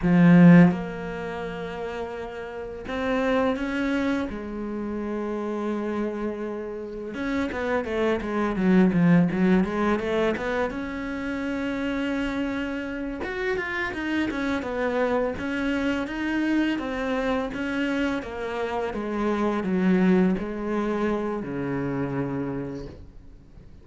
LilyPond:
\new Staff \with { instrumentName = "cello" } { \time 4/4 \tempo 4 = 84 f4 ais2. | c'4 cis'4 gis2~ | gis2 cis'8 b8 a8 gis8 | fis8 f8 fis8 gis8 a8 b8 cis'4~ |
cis'2~ cis'8 fis'8 f'8 dis'8 | cis'8 b4 cis'4 dis'4 c'8~ | c'8 cis'4 ais4 gis4 fis8~ | fis8 gis4. cis2 | }